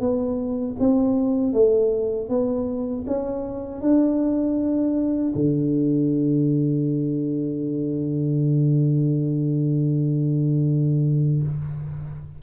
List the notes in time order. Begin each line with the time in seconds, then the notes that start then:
0.00 B3
0.79 C4
1.53 A3
2.29 B3
3.07 C#4
3.81 D4
5.35 D3